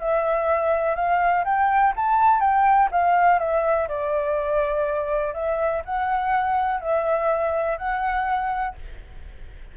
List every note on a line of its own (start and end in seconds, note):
0.00 0.95 E5
0.95 1.44 F5
1.45 1.93 G5
1.96 2.40 A5
2.40 2.89 G5
2.91 3.39 F5
3.39 3.88 E5
3.88 5.34 D5
5.34 5.82 E5
5.85 6.80 F#5
6.80 7.78 E5
7.78 8.75 F#5